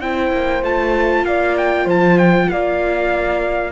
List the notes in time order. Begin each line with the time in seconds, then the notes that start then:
0.00 C4 E4 C5 G5
0.31 A#3
0.62 A3 F4 A5
1.24 A#3 D5 F5
1.57 G5
1.85 F3 C5 A5
2.18 G5
2.49 A#3 D5 F5